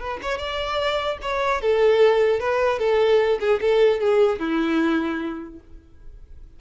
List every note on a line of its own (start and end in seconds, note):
0.00 0.20 B4
0.22 0.38 C#5
0.38 1.18 D5
1.22 1.61 C#5
1.61 2.40 A4
2.40 2.79 B4
2.79 3.39 A4
3.40 3.60 G#4
3.61 4.00 A4
4.00 4.39 G#4
4.39 5.59 E4